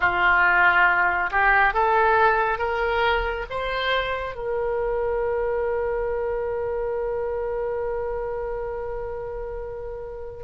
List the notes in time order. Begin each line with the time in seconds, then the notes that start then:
0.00 F4
1.31 G4
1.73 A4
2.58 A#4
3.49 C5
4.35 A#4